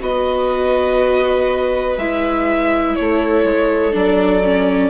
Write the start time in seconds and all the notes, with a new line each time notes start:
0.00 B3 F#4 B4 D#5
1.97 G#3 E4 E5
2.95 A3 A4 C#5
3.44 G#3
3.92 F#3 D4 D5
4.44 C#4